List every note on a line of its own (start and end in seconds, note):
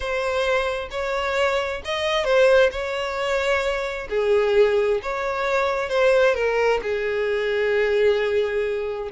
0.00 0.88 C5
0.90 1.81 C#5
1.84 2.24 D#5
2.24 2.69 C5
2.71 4.08 C#5
4.09 5.00 G#4
5.02 5.89 C#5
5.89 6.34 C5
6.35 6.80 A#4
6.82 9.09 G#4